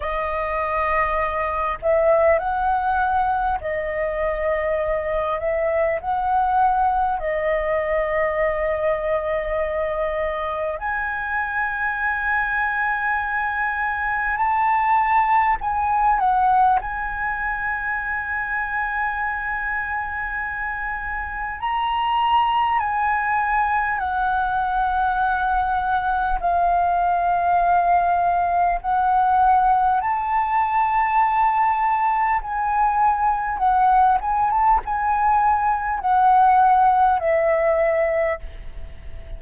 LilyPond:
\new Staff \with { instrumentName = "flute" } { \time 4/4 \tempo 4 = 50 dis''4. e''8 fis''4 dis''4~ | dis''8 e''8 fis''4 dis''2~ | dis''4 gis''2. | a''4 gis''8 fis''8 gis''2~ |
gis''2 ais''4 gis''4 | fis''2 f''2 | fis''4 a''2 gis''4 | fis''8 gis''16 a''16 gis''4 fis''4 e''4 | }